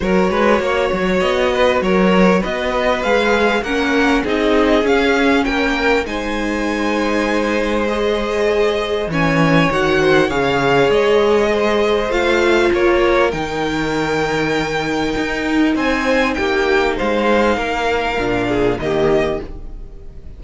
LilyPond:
<<
  \new Staff \with { instrumentName = "violin" } { \time 4/4 \tempo 4 = 99 cis''2 dis''4 cis''4 | dis''4 f''4 fis''4 dis''4 | f''4 g''4 gis''2~ | gis''4 dis''2 gis''4 |
fis''4 f''4 dis''2 | f''4 cis''4 g''2~ | g''2 gis''4 g''4 | f''2. dis''4 | }
  \new Staff \with { instrumentName = "violin" } { \time 4/4 ais'8 b'8 cis''4. b'8 ais'4 | b'2 ais'4 gis'4~ | gis'4 ais'4 c''2~ | c''2. cis''4~ |
cis''8 c''8 cis''2 c''4~ | c''4 ais'2.~ | ais'2 c''4 g'4 | c''4 ais'4. gis'8 g'4 | }
  \new Staff \with { instrumentName = "viola" } { \time 4/4 fis'1~ | fis'4 gis'4 cis'4 dis'4 | cis'2 dis'2~ | dis'4 gis'2 cis'4 |
fis'4 gis'2. | f'2 dis'2~ | dis'1~ | dis'2 d'4 ais4 | }
  \new Staff \with { instrumentName = "cello" } { \time 4/4 fis8 gis8 ais8 fis8 b4 fis4 | b4 gis4 ais4 c'4 | cis'4 ais4 gis2~ | gis2. e4 |
dis4 cis4 gis2 | a4 ais4 dis2~ | dis4 dis'4 c'4 ais4 | gis4 ais4 ais,4 dis4 | }
>>